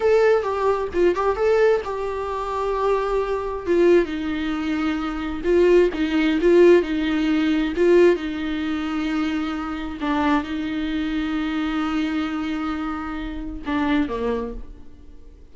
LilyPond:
\new Staff \with { instrumentName = "viola" } { \time 4/4 \tempo 4 = 132 a'4 g'4 f'8 g'8 a'4 | g'1 | f'4 dis'2. | f'4 dis'4 f'4 dis'4~ |
dis'4 f'4 dis'2~ | dis'2 d'4 dis'4~ | dis'1~ | dis'2 d'4 ais4 | }